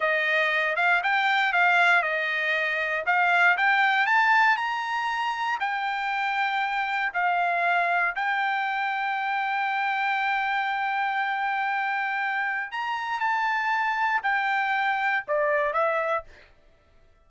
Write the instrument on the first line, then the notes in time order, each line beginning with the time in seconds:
trumpet
0.00 D#5
0.76 F5
1.03 G5
1.53 F5
2.02 D#5
3.06 F5
3.57 G5
4.06 A5
4.56 A#5
5.60 G5
7.13 F5
8.15 G5
12.71 A#5
13.19 A5
14.22 G5
15.27 D5
15.73 E5